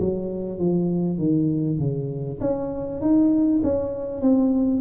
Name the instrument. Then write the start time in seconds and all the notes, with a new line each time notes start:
tuba
0.00 F#3
0.60 F3
1.18 D#3
1.79 C#3
2.41 C#4
3.01 D#4
3.64 C#4
4.22 C4